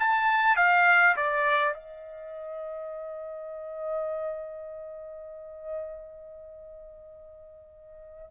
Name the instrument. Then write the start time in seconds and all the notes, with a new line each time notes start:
trumpet
0.00 A5
0.57 F5
1.17 D5
1.74 D#5